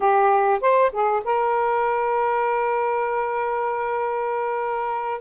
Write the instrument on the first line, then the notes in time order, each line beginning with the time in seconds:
saxophone
0.00 G4
0.61 C5
0.92 G#4
1.24 A#4